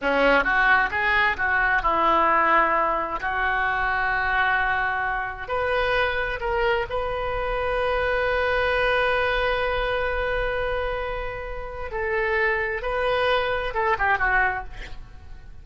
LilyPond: \new Staff \with { instrumentName = "oboe" } { \time 4/4 \tempo 4 = 131 cis'4 fis'4 gis'4 fis'4 | e'2. fis'4~ | fis'1 | b'2 ais'4 b'4~ |
b'1~ | b'1~ | b'2 a'2 | b'2 a'8 g'8 fis'4 | }